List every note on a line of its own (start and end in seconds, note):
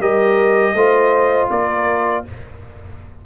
0.00 0.74 G3
0.00 0.75 G4
0.00 0.74 A#4
0.00 1.50 D#5
0.74 1.48 A3
0.74 2.25 F4
0.74 1.51 C5
1.50 2.24 A#3
1.50 2.26 A#4
1.50 2.25 D5